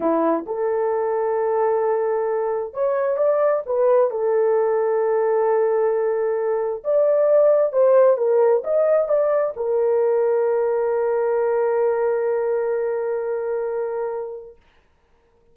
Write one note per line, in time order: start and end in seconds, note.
0.00 0.45 E4
0.46 2.73 A4
2.73 3.17 C#5
3.17 3.62 D5
3.66 4.10 B4
4.10 6.83 A4
6.83 7.72 D5
7.72 8.17 C5
8.17 8.62 A#4
8.63 9.08 D#5
9.08 9.54 D5
9.56 14.56 A#4